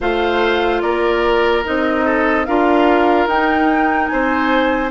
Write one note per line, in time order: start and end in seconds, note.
0.00 0.82 A3
0.00 1.64 F4
0.00 0.82 C5
0.00 0.81 F5
0.81 1.64 A#3
0.81 2.05 A#4
0.81 1.63 D5
1.64 2.47 C4
1.64 2.46 D#4
1.64 2.45 D#5
2.05 2.46 A4
2.45 3.26 D4
2.45 3.29 F4
2.45 4.11 A#4
2.45 3.27 F5
3.26 4.08 D#4
3.26 4.90 D#4
3.26 4.07 G5
4.07 4.90 C4
4.07 4.90 C5
4.07 4.89 G#5